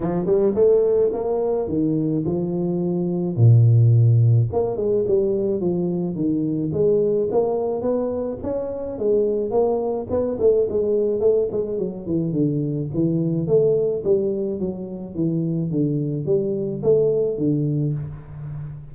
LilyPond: \new Staff \with { instrumentName = "tuba" } { \time 4/4 \tempo 4 = 107 f8 g8 a4 ais4 dis4 | f2 ais,2 | ais8 gis8 g4 f4 dis4 | gis4 ais4 b4 cis'4 |
gis4 ais4 b8 a8 gis4 | a8 gis8 fis8 e8 d4 e4 | a4 g4 fis4 e4 | d4 g4 a4 d4 | }